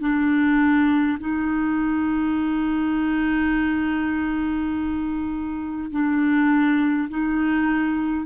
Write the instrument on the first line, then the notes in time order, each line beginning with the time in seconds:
clarinet
0.00 D4
1.20 D#4
5.91 D4
7.09 D#4